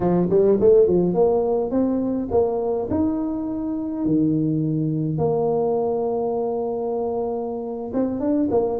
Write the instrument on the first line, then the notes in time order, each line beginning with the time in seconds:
tuba
0.00 F3
0.30 G3
0.60 A3
0.87 F3
1.14 A#3
1.70 C4
2.31 A#3
2.90 D#4
4.05 D#3
5.17 A#3
7.93 C4
8.19 D4
8.50 A#3